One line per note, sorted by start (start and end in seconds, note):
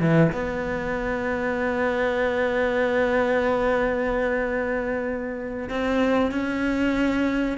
0.00 0.32 E3
0.32 5.69 B3
5.69 6.31 C4
6.31 7.58 C#4